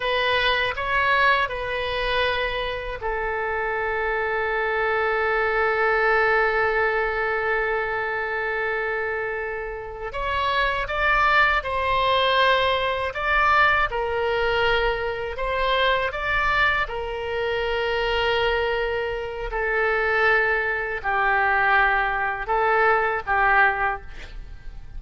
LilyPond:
\new Staff \with { instrumentName = "oboe" } { \time 4/4 \tempo 4 = 80 b'4 cis''4 b'2 | a'1~ | a'1~ | a'4. cis''4 d''4 c''8~ |
c''4. d''4 ais'4.~ | ais'8 c''4 d''4 ais'4.~ | ais'2 a'2 | g'2 a'4 g'4 | }